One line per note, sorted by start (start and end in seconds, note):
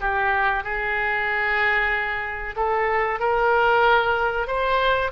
0.00 0.63 G4
0.63 2.55 G#4
2.56 3.19 A4
3.19 4.47 A#4
4.47 5.11 C5